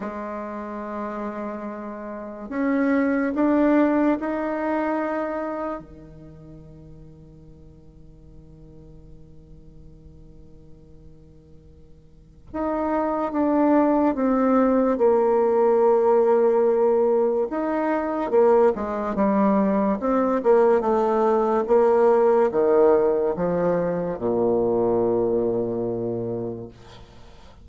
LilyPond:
\new Staff \with { instrumentName = "bassoon" } { \time 4/4 \tempo 4 = 72 gis2. cis'4 | d'4 dis'2 dis4~ | dis1~ | dis2. dis'4 |
d'4 c'4 ais2~ | ais4 dis'4 ais8 gis8 g4 | c'8 ais8 a4 ais4 dis4 | f4 ais,2. | }